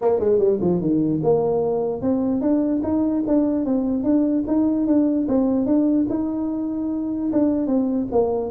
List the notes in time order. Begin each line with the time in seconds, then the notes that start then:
0.01 A#3
0.19 G#3
0.39 G3
0.60 F3
0.80 D#3
1.23 A#3
2.01 C4
2.41 D4
2.83 D#4
3.27 D4
3.65 C4
4.03 D4
4.47 D#4
4.86 D4
5.28 C4
5.66 D4
6.09 D#4
7.32 D4
7.66 C4
8.11 A#3